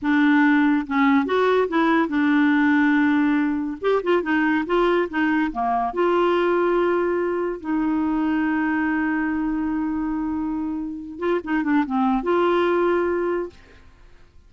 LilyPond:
\new Staff \with { instrumentName = "clarinet" } { \time 4/4 \tempo 4 = 142 d'2 cis'4 fis'4 | e'4 d'2.~ | d'4 g'8 f'8 dis'4 f'4 | dis'4 ais4 f'2~ |
f'2 dis'2~ | dis'1~ | dis'2~ dis'8 f'8 dis'8 d'8 | c'4 f'2. | }